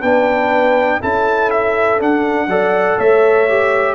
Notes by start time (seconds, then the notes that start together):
0.00 B3 D4 B4 G5
1.00 C#4 E4 A4 A5
1.50 E5
1.99 D4 F#5
2.47 F#3 A4 D5
2.98 A3 C#5 E5
3.48 G4